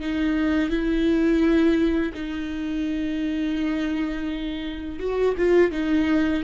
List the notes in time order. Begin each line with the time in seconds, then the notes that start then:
0.00 D#4
0.69 E4
2.14 D#4
4.99 F#4
5.37 F4
5.71 D#4